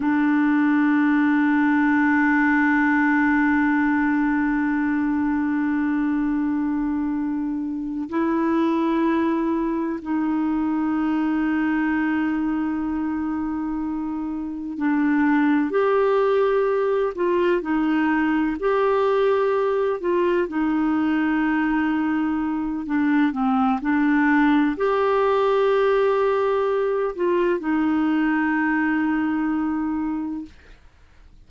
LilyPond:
\new Staff \with { instrumentName = "clarinet" } { \time 4/4 \tempo 4 = 63 d'1~ | d'1~ | d'8 e'2 dis'4.~ | dis'2.~ dis'8 d'8~ |
d'8 g'4. f'8 dis'4 g'8~ | g'4 f'8 dis'2~ dis'8 | d'8 c'8 d'4 g'2~ | g'8 f'8 dis'2. | }